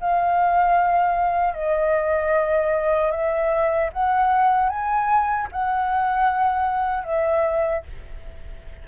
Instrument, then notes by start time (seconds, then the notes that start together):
flute
0.00 F5
1.54 D#5
3.11 E5
3.93 F#5
4.69 G#5
5.52 F#5
7.04 E5